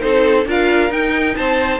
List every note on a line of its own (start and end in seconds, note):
0.00 0.46 C4
0.00 0.45 D#4
0.00 0.47 A4
0.00 0.45 C5
0.46 0.90 D4
0.46 0.90 F4
0.46 1.36 A#4
0.46 0.92 F5
0.90 1.79 D#4
0.90 1.35 D#4
0.90 1.36 G5
1.36 1.80 C4
1.36 1.80 C5
1.36 1.80 A5